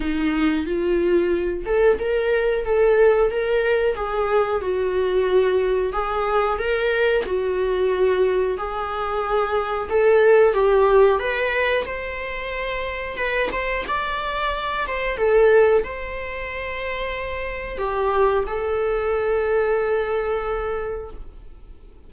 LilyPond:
\new Staff \with { instrumentName = "viola" } { \time 4/4 \tempo 4 = 91 dis'4 f'4. a'8 ais'4 | a'4 ais'4 gis'4 fis'4~ | fis'4 gis'4 ais'4 fis'4~ | fis'4 gis'2 a'4 |
g'4 b'4 c''2 | b'8 c''8 d''4. c''8 a'4 | c''2. g'4 | a'1 | }